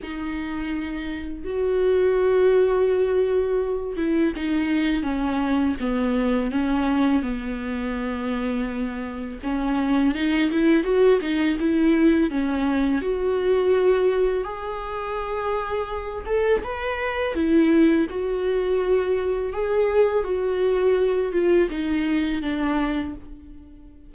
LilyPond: \new Staff \with { instrumentName = "viola" } { \time 4/4 \tempo 4 = 83 dis'2 fis'2~ | fis'4. e'8 dis'4 cis'4 | b4 cis'4 b2~ | b4 cis'4 dis'8 e'8 fis'8 dis'8 |
e'4 cis'4 fis'2 | gis'2~ gis'8 a'8 b'4 | e'4 fis'2 gis'4 | fis'4. f'8 dis'4 d'4 | }